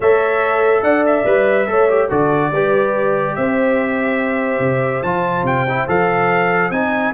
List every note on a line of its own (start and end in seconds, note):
0.00 0.82 A3
0.00 1.25 A4
0.00 0.83 C#5
0.00 0.83 E5
0.82 1.24 D4
0.82 1.67 D5
0.82 1.04 F#5
1.06 2.10 E5
1.25 1.67 G3
1.25 1.67 B4
1.67 2.09 A3
1.67 1.88 A4
1.67 2.09 C#5
1.89 2.09 G4
2.09 2.51 D3
2.09 2.51 F#4
2.09 2.51 A4
2.09 3.35 D5
2.51 3.35 G3
2.51 5.04 G4
2.51 3.36 B4
3.35 4.59 C4
3.35 7.13 C5
3.35 5.02 E5
4.59 5.01 C3
5.02 5.42 F3
5.02 5.67 F4
5.02 5.44 A5
5.42 5.84 C3
5.42 5.88 G5
5.68 5.87 E4
5.87 6.70 F3
5.87 6.71 A4
5.87 6.71 F5
6.70 7.12 C4
6.70 7.13 D#4
6.70 7.13 G#5